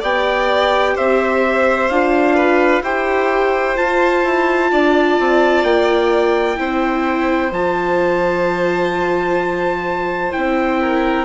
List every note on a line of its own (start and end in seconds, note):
0.00 0.96 B3
0.00 1.90 G4
0.00 0.94 D5
0.00 0.97 G5
0.95 1.90 C4
0.95 2.35 C5
0.95 1.88 E5
1.88 2.81 D4
1.88 2.83 F4
1.88 2.82 F5
2.35 2.82 B4
2.81 3.75 E4
2.81 3.76 G4
2.81 4.71 C5
2.81 3.77 G5
3.76 6.56 F4
3.76 4.24 F4
3.76 5.64 A5
4.24 4.71 E4
4.71 5.18 D4
4.71 6.59 D5
5.19 5.63 C4
5.63 6.57 A#3
5.63 7.52 G5
6.56 7.51 C4
6.56 7.50 E4
6.56 10.80 C5
7.51 10.32 F3
7.51 10.32 F4
7.51 10.32 A5
10.32 11.25 C4
10.32 11.25 E4
10.32 11.25 G5
10.80 11.25 A#4